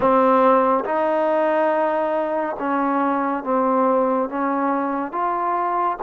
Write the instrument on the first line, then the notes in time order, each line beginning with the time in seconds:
trombone
0.00 C4
0.84 D#4
2.59 C#4
3.43 C4
4.29 C#4
5.12 F4